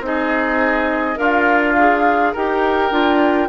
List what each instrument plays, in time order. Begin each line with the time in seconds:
0.00 bassoon C4, clarinet D#4, flute D#5
0.06 oboe G#4
1.16 bassoon D4, oboe F4, clarinet A#4, flute F5
1.79 clarinet G#4
2.33 bassoon D#4, clarinet G4, oboe A#4, flute G5
2.91 bassoon D4, clarinet F4